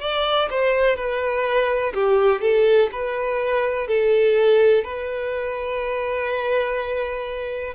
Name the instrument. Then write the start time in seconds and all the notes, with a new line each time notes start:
violin
0.00 D5
0.50 C5
0.96 B4
1.94 G4
2.41 A4
2.92 B4
3.88 A4
4.84 B4